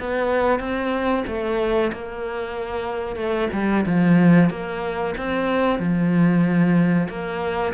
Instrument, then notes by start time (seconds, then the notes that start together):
cello
0.00 B3
0.60 C4
1.28 A3
1.93 A#3
3.16 A3
3.53 G3
3.87 F3
4.50 A#3
5.18 C4
5.80 F3
7.10 A#3